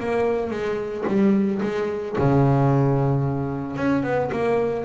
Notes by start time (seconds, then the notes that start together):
0.00 A#3
0.51 G#3
1.07 G3
1.62 G#3
2.19 C#3
3.76 C#4
4.03 B3
4.32 A#3